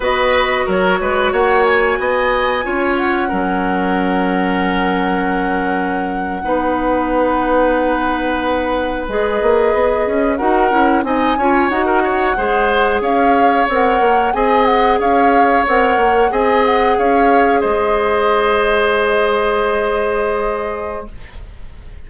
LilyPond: <<
  \new Staff \with { instrumentName = "flute" } { \time 4/4 \tempo 4 = 91 dis''4 cis''4 fis''8 gis''4.~ | gis''8 fis''2.~ fis''8~ | fis''1~ | fis''4.~ fis''16 dis''2 fis''16~ |
fis''8. gis''4 fis''2 f''16~ | f''8. fis''4 gis''8 fis''8 f''4 fis''16~ | fis''8. gis''8 fis''8 f''4 dis''4~ dis''16~ | dis''1 | }
  \new Staff \with { instrumentName = "oboe" } { \time 4/4 b'4 ais'8 b'8 cis''4 dis''4 | cis''4 ais'2.~ | ais'4.~ ais'16 b'2~ b'16~ | b'2.~ b'8. ais'16~ |
ais'8. dis''8 cis''8. ais'16 cis''8 c''4 cis''16~ | cis''4.~ cis''16 dis''4 cis''4~ cis''16~ | cis''8. dis''4 cis''4 c''4~ c''16~ | c''1 | }
  \new Staff \with { instrumentName = "clarinet" } { \time 4/4 fis'1 | f'4 cis'2.~ | cis'4.~ cis'16 dis'2~ dis'16~ | dis'4.~ dis'16 gis'2 fis'16~ |
fis'16 e'8 dis'8 f'8 fis'4 gis'4~ gis'16~ | gis'8. ais'4 gis'2 ais'16~ | ais'8. gis'2.~ gis'16~ | gis'1 | }
  \new Staff \with { instrumentName = "bassoon" } { \time 4/4 b4 fis8 gis8 ais4 b4 | cis'4 fis2.~ | fis4.~ fis16 b2~ b16~ | b4.~ b16 gis8 ais8 b8 cis'8 dis'16~ |
dis'16 cis'8 c'8 cis'8 dis'4 gis4 cis'16~ | cis'8. c'8 ais8 c'4 cis'4 c'16~ | c'16 ais8 c'4 cis'4 gis4~ gis16~ | gis1 | }
>>